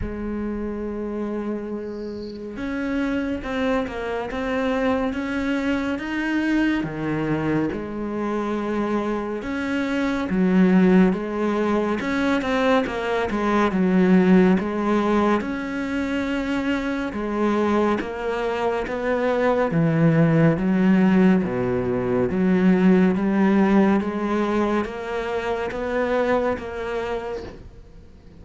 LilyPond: \new Staff \with { instrumentName = "cello" } { \time 4/4 \tempo 4 = 70 gis2. cis'4 | c'8 ais8 c'4 cis'4 dis'4 | dis4 gis2 cis'4 | fis4 gis4 cis'8 c'8 ais8 gis8 |
fis4 gis4 cis'2 | gis4 ais4 b4 e4 | fis4 b,4 fis4 g4 | gis4 ais4 b4 ais4 | }